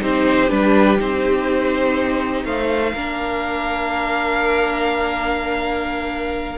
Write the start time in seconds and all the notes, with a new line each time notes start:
0.00 C4 D#4 G4 C5
0.49 G3 D4 B4
0.98 C4 D#4 C5
2.44 A3 C5 F5
2.93 A#3 D4 A#4